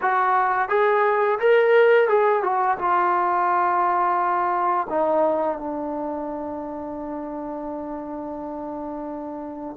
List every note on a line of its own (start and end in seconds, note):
0.01 0.68 F#4
0.68 1.38 G#4
1.39 2.08 A#4
2.08 2.43 G#4
2.43 2.77 F#4
2.77 4.87 F4
4.89 5.58 D#4
5.58 9.76 D4